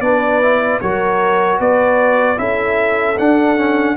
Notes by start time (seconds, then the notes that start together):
0.00 B3 D4 B4 D5
0.41 E4
0.80 F#3 F#4 A#4 C#5
1.59 B3 B4 D5
2.37 C#4 E4 A4 E5
3.18 D4 F#5
3.56 C#4